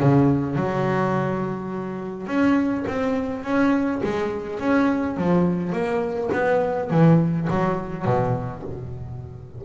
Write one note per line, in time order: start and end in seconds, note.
0.00 0.56 C#3
0.56 2.27 F#3
2.27 2.85 C#4
2.88 3.44 C4
3.44 4.02 C#4
4.04 4.60 G#3
4.60 5.17 C#4
5.17 5.73 F3
5.73 6.30 A#3
6.33 6.90 B3
6.90 7.48 E3
7.51 8.05 F#3
8.05 8.63 B2